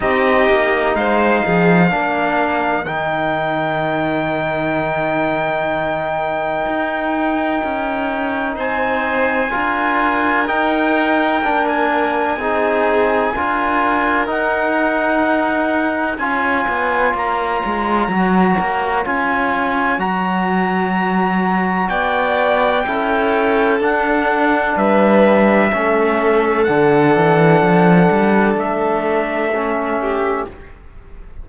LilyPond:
<<
  \new Staff \with { instrumentName = "trumpet" } { \time 4/4 \tempo 4 = 63 dis''4 f''2 g''4~ | g''1~ | g''4 gis''2 g''4~ | g''16 gis''2~ gis''8. fis''4~ |
fis''4 gis''4 ais''2 | gis''4 ais''2 g''4~ | g''4 fis''4 e''2 | fis''2 e''2 | }
  \new Staff \with { instrumentName = "violin" } { \time 4/4 g'4 c''8 gis'8 ais'2~ | ais'1~ | ais'4 c''4 ais'2~ | ais'4 gis'4 ais'2~ |
ais'4 cis''2.~ | cis''2. d''4 | a'2 b'4 a'4~ | a'2.~ a'8 g'8 | }
  \new Staff \with { instrumentName = "trombone" } { \time 4/4 dis'2 d'4 dis'4~ | dis'1~ | dis'2 f'4 dis'4 | d'4 dis'4 f'4 dis'4~ |
dis'4 f'2 fis'4 | f'4 fis'2. | e'4 d'2 cis'4 | d'2. cis'4 | }
  \new Staff \with { instrumentName = "cello" } { \time 4/4 c'8 ais8 gis8 f8 ais4 dis4~ | dis2. dis'4 | cis'4 c'4 d'4 dis'4 | ais4 c'4 d'4 dis'4~ |
dis'4 cis'8 b8 ais8 gis8 fis8 ais8 | cis'4 fis2 b4 | cis'4 d'4 g4 a4 | d8 e8 f8 g8 a2 | }
>>